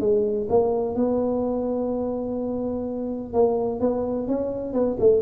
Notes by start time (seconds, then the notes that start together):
0.00 G#3
0.49 A#3
0.95 B3
3.33 A#3
3.80 B3
4.27 C#4
4.73 B3
5.00 A3